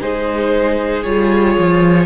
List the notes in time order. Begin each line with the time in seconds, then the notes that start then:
0.00 G#3 D#4 G#4 C5
1.03 G3 F4 C#5
1.58 F3